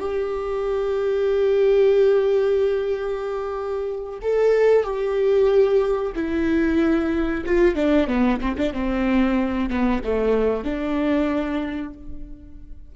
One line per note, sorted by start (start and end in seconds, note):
0.00 4.19 G4
4.22 4.84 A4
4.84 6.13 G4
6.16 7.45 E4
7.46 7.76 F4
7.76 8.08 D4
8.08 8.40 B3
8.41 8.57 C4
8.57 8.73 D4
8.73 9.70 C4
9.70 10.02 B3
10.05 10.65 A3
10.65 11.94 D4